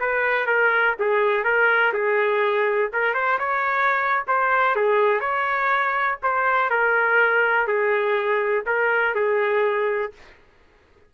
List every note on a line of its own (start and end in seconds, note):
0.00 0.47 B4
0.47 0.96 A#4
0.99 1.44 G#4
1.44 1.93 A#4
1.94 2.91 G#4
2.93 3.14 A#4
3.14 3.39 C5
3.39 4.24 C#5
4.28 4.76 C5
4.76 5.21 G#4
5.21 6.18 C#5
6.23 6.70 C5
6.70 7.67 A#4
7.67 8.65 G#4
8.66 9.15 A#4
9.15 10.13 G#4